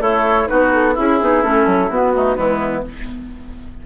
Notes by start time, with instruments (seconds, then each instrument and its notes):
0.00 bassoon A3, oboe E4, clarinet A4, flute C#5
0.47 bassoon B3, clarinet D#4, oboe F#4, flute B4
0.73 flute A4
0.94 bassoon C#4, oboe E4, clarinet E4, flute G#4
1.21 bassoon B3, clarinet D#4
1.42 bassoon A3, clarinet C#4, flute A4
1.66 bassoon F#3
1.90 bassoon B3, clarinet B3, flute F#4
2.15 clarinet A3, oboe D#4
2.36 bassoon E3, clarinet G#3, oboe B3, flute E4